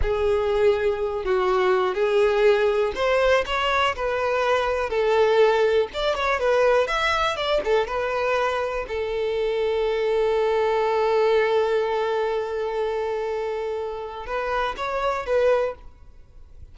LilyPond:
\new Staff \with { instrumentName = "violin" } { \time 4/4 \tempo 4 = 122 gis'2~ gis'8 fis'4. | gis'2 c''4 cis''4 | b'2 a'2 | d''8 cis''8 b'4 e''4 d''8 a'8 |
b'2 a'2~ | a'1~ | a'1~ | a'4 b'4 cis''4 b'4 | }